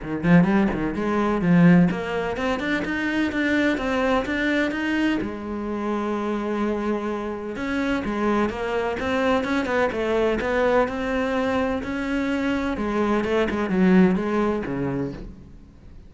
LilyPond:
\new Staff \with { instrumentName = "cello" } { \time 4/4 \tempo 4 = 127 dis8 f8 g8 dis8 gis4 f4 | ais4 c'8 d'8 dis'4 d'4 | c'4 d'4 dis'4 gis4~ | gis1 |
cis'4 gis4 ais4 c'4 | cis'8 b8 a4 b4 c'4~ | c'4 cis'2 gis4 | a8 gis8 fis4 gis4 cis4 | }